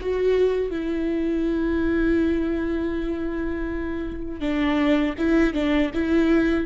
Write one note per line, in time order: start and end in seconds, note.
0.00 0.70 F#4
0.70 4.40 E4
4.40 5.14 D4
5.18 5.53 E4
5.53 5.90 D4
5.94 6.65 E4